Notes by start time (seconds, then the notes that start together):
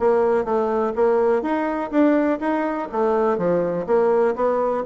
0.00 A#3
0.45 A3
0.96 A#3
1.43 D#4
1.92 D4
2.40 D#4
2.92 A3
3.38 F3
3.87 A#3
4.36 B3